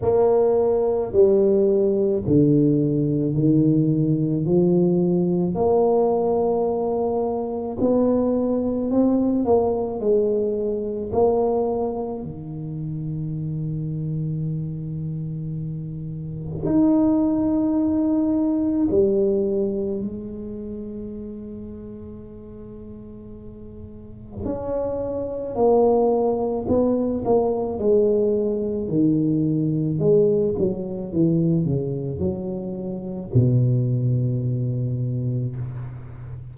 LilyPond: \new Staff \with { instrumentName = "tuba" } { \time 4/4 \tempo 4 = 54 ais4 g4 d4 dis4 | f4 ais2 b4 | c'8 ais8 gis4 ais4 dis4~ | dis2. dis'4~ |
dis'4 g4 gis2~ | gis2 cis'4 ais4 | b8 ais8 gis4 dis4 gis8 fis8 | e8 cis8 fis4 b,2 | }